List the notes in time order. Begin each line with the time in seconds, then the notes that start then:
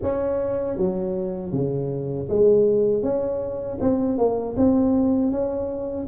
0.02 C#4
0.77 F#3
1.52 C#3
2.29 G#3
3.02 C#4
3.80 C4
4.17 A#3
4.56 C4
5.31 C#4